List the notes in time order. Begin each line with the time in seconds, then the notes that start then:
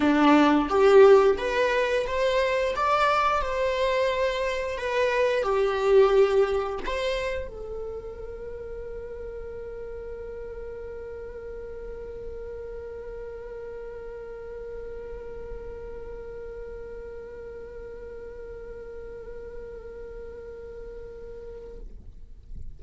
0.00 D4
0.69 G4
1.37 B4
2.06 C5
2.76 D5
3.41 C5
4.77 B4
5.42 G4
6.86 C5
7.48 A#4